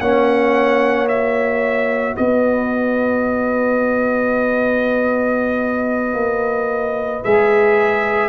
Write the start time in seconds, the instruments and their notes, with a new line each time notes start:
0.00 tuba A#3, trombone C#4, horn C#5, trumpet F#5
1.08 trombone F#4, trumpet E5
2.15 tuba B3, horn B4, trumpet D#5
6.13 tuba A#3
7.24 tuba G#3, trombone G#4, trumpet E5